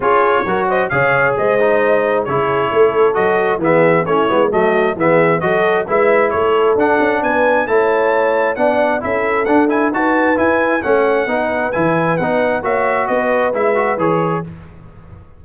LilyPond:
<<
  \new Staff \with { instrumentName = "trumpet" } { \time 4/4 \tempo 4 = 133 cis''4. dis''8 f''4 dis''4~ | dis''4 cis''2 dis''4 | e''4 cis''4 dis''4 e''4 | dis''4 e''4 cis''4 fis''4 |
gis''4 a''2 fis''4 | e''4 fis''8 gis''8 a''4 gis''4 | fis''2 gis''4 fis''4 | e''4 dis''4 e''4 cis''4 | }
  \new Staff \with { instrumentName = "horn" } { \time 4/4 gis'4 ais'8 c''8 cis''4 c''4~ | c''4 gis'4 a'2 | gis'4 e'4 fis'4 gis'4 | a'4 b'4 a'2 |
b'4 cis''2 d''4 | a'2 b'2 | cis''4 b'2. | cis''4 b'2. | }
  \new Staff \with { instrumentName = "trombone" } { \time 4/4 f'4 fis'4 gis'4. dis'8~ | dis'4 e'2 fis'4 | b4 cis'8 b8 a4 b4 | fis'4 e'2 d'4~ |
d'4 e'2 d'4 | e'4 d'8 e'8 fis'4 e'4 | cis'4 dis'4 e'4 dis'4 | fis'2 e'8 fis'8 gis'4 | }
  \new Staff \with { instrumentName = "tuba" } { \time 4/4 cis'4 fis4 cis4 gis4~ | gis4 cis4 a4 fis4 | e4 a8 gis8 fis4 e4 | fis4 gis4 a4 d'8 cis'8 |
b4 a2 b4 | cis'4 d'4 dis'4 e'4 | a4 b4 e4 b4 | ais4 b4 gis4 e4 | }
>>